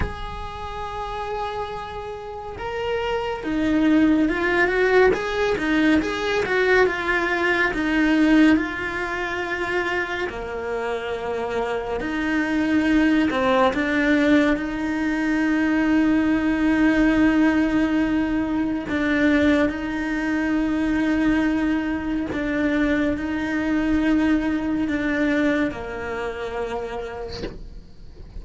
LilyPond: \new Staff \with { instrumentName = "cello" } { \time 4/4 \tempo 4 = 70 gis'2. ais'4 | dis'4 f'8 fis'8 gis'8 dis'8 gis'8 fis'8 | f'4 dis'4 f'2 | ais2 dis'4. c'8 |
d'4 dis'2.~ | dis'2 d'4 dis'4~ | dis'2 d'4 dis'4~ | dis'4 d'4 ais2 | }